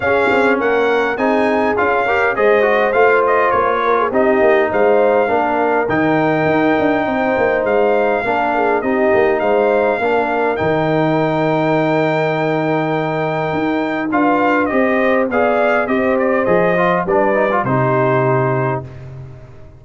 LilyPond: <<
  \new Staff \with { instrumentName = "trumpet" } { \time 4/4 \tempo 4 = 102 f''4 fis''4 gis''4 f''4 | dis''4 f''8 dis''8 cis''4 dis''4 | f''2 g''2~ | g''4 f''2 dis''4 |
f''2 g''2~ | g''1 | f''4 dis''4 f''4 dis''8 d''8 | dis''4 d''4 c''2 | }
  \new Staff \with { instrumentName = "horn" } { \time 4/4 gis'4 ais'4 gis'4. ais'8 | c''2~ c''8 ais'16 gis'16 g'4 | c''4 ais'2. | c''2 ais'8 gis'8 g'4 |
c''4 ais'2.~ | ais'1 | b'4 c''4 d''4 c''4~ | c''4 b'4 g'2 | }
  \new Staff \with { instrumentName = "trombone" } { \time 4/4 cis'2 dis'4 f'8 g'8 | gis'8 fis'8 f'2 dis'4~ | dis'4 d'4 dis'2~ | dis'2 d'4 dis'4~ |
dis'4 d'4 dis'2~ | dis'1 | f'4 g'4 gis'4 g'4 | gis'8 f'8 d'8 dis'16 f'16 dis'2 | }
  \new Staff \with { instrumentName = "tuba" } { \time 4/4 cis'8 c'8 ais4 c'4 cis'4 | gis4 a4 ais4 c'8 ais8 | gis4 ais4 dis4 dis'8 d'8 | c'8 ais8 gis4 ais4 c'8 ais8 |
gis4 ais4 dis2~ | dis2. dis'4 | d'4 c'4 b4 c'4 | f4 g4 c2 | }
>>